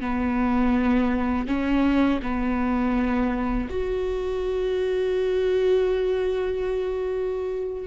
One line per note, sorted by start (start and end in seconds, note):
0.00 1.46 B3
1.47 2.20 C#4
2.22 3.68 B3
3.70 7.87 F#4